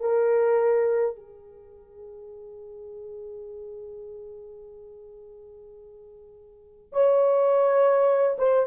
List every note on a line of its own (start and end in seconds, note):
0.00 1.15 A#4
1.16 6.92 G#4
6.92 8.37 C#5
8.38 8.66 C5